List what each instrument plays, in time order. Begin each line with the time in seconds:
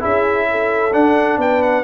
0.00 tuba C#4, trombone E4, horn G#4, trumpet E5
0.51 horn A4
0.93 trombone D4, tuba D4, trumpet F#5
1.37 tuba B3, horn B4, trumpet G5
1.62 trumpet F#5